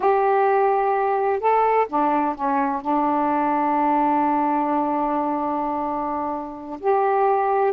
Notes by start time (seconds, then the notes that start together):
0.00 G4
1.39 A4
1.89 D4
2.35 C#4
2.81 D4
6.80 G4